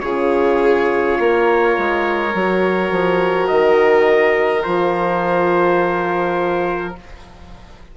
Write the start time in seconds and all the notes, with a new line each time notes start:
0.00 C#3 F4 G#4 C#5
1.19 A#3 A#4
1.77 G#3
2.34 F#3 F#4
2.91 F3
3.47 D#3 D#5
4.63 F3 F4 C5